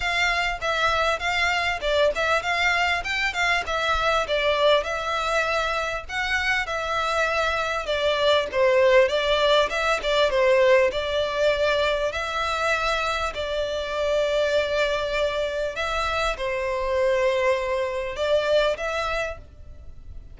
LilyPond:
\new Staff \with { instrumentName = "violin" } { \time 4/4 \tempo 4 = 99 f''4 e''4 f''4 d''8 e''8 | f''4 g''8 f''8 e''4 d''4 | e''2 fis''4 e''4~ | e''4 d''4 c''4 d''4 |
e''8 d''8 c''4 d''2 | e''2 d''2~ | d''2 e''4 c''4~ | c''2 d''4 e''4 | }